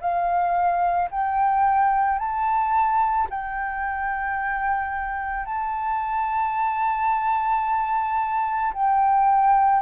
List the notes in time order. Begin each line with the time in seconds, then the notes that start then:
0.00 F5
1.11 G5
2.18 A5
3.30 G5
5.45 A5
8.73 G5